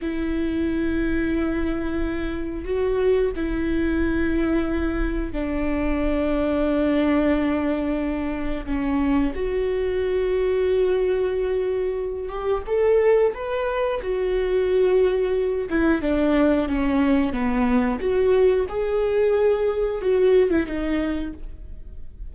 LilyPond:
\new Staff \with { instrumentName = "viola" } { \time 4/4 \tempo 4 = 90 e'1 | fis'4 e'2. | d'1~ | d'4 cis'4 fis'2~ |
fis'2~ fis'8 g'8 a'4 | b'4 fis'2~ fis'8 e'8 | d'4 cis'4 b4 fis'4 | gis'2 fis'8. e'16 dis'4 | }